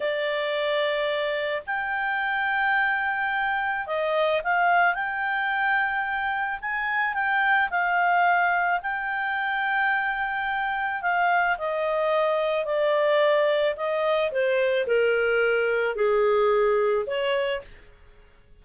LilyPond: \new Staff \with { instrumentName = "clarinet" } { \time 4/4 \tempo 4 = 109 d''2. g''4~ | g''2. dis''4 | f''4 g''2. | gis''4 g''4 f''2 |
g''1 | f''4 dis''2 d''4~ | d''4 dis''4 c''4 ais'4~ | ais'4 gis'2 cis''4 | }